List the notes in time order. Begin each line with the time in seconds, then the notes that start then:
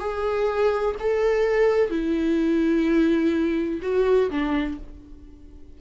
0.00 G#4
1.00 A4
1.90 E4
3.83 F#4
4.31 D4